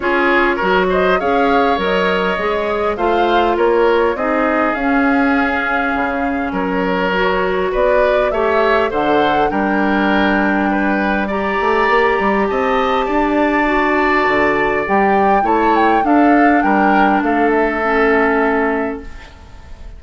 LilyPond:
<<
  \new Staff \with { instrumentName = "flute" } { \time 4/4 \tempo 4 = 101 cis''4. dis''8 f''4 dis''4~ | dis''4 f''4 cis''4 dis''4 | f''2. cis''4~ | cis''4 d''4 e''4 fis''4 |
g''2. ais''4~ | ais''4 a''2.~ | a''4 g''4 a''8 g''8 f''4 | g''4 f''8 e''2~ e''8 | }
  \new Staff \with { instrumentName = "oboe" } { \time 4/4 gis'4 ais'8 c''8 cis''2~ | cis''4 c''4 ais'4 gis'4~ | gis'2. ais'4~ | ais'4 b'4 cis''4 c''4 |
ais'2 b'4 d''4~ | d''4 dis''4 d''2~ | d''2 cis''4 a'4 | ais'4 a'2. | }
  \new Staff \with { instrumentName = "clarinet" } { \time 4/4 f'4 fis'4 gis'4 ais'4 | gis'4 f'2 dis'4 | cis'1 | fis'2 g'4 a'4 |
d'2. g'4~ | g'2. fis'4~ | fis'4 g'4 e'4 d'4~ | d'2 cis'2 | }
  \new Staff \with { instrumentName = "bassoon" } { \time 4/4 cis'4 fis4 cis'4 fis4 | gis4 a4 ais4 c'4 | cis'2 cis4 fis4~ | fis4 b4 a4 d4 |
g2.~ g8 a8 | ais8 g8 c'4 d'2 | d4 g4 a4 d'4 | g4 a2. | }
>>